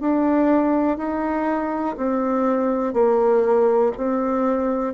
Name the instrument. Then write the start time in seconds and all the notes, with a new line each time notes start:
bassoon
0.00 D4
0.97 D#4
1.97 C4
2.93 A#3
3.97 C4